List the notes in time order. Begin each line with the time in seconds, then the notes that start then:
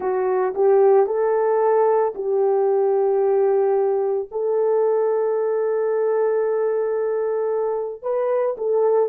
0.00 F#4
0.54 G4
1.06 A4
2.14 G4
4.31 A4
8.02 B4
8.57 A4